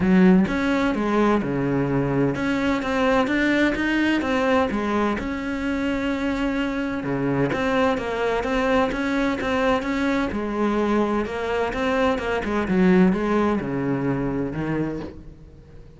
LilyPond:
\new Staff \with { instrumentName = "cello" } { \time 4/4 \tempo 4 = 128 fis4 cis'4 gis4 cis4~ | cis4 cis'4 c'4 d'4 | dis'4 c'4 gis4 cis'4~ | cis'2. cis4 |
c'4 ais4 c'4 cis'4 | c'4 cis'4 gis2 | ais4 c'4 ais8 gis8 fis4 | gis4 cis2 dis4 | }